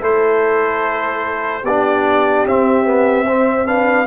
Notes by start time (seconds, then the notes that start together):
0.00 A3 E4 A4 C5
1.63 B3 D4 G4 D5
2.45 C4 E5
2.84 B3
3.26 C4 C5
3.65 D4 B4 F5